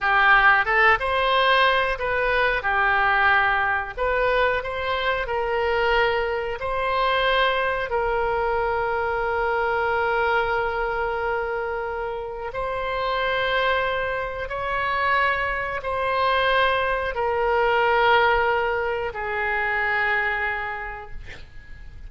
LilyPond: \new Staff \with { instrumentName = "oboe" } { \time 4/4 \tempo 4 = 91 g'4 a'8 c''4. b'4 | g'2 b'4 c''4 | ais'2 c''2 | ais'1~ |
ais'2. c''4~ | c''2 cis''2 | c''2 ais'2~ | ais'4 gis'2. | }